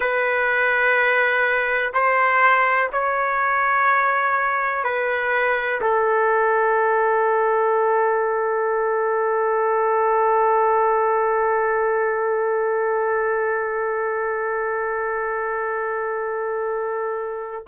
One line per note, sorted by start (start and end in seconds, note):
0.00 1.92 B4
1.93 2.90 C5
2.92 4.84 C#5
4.84 5.81 B4
5.81 17.66 A4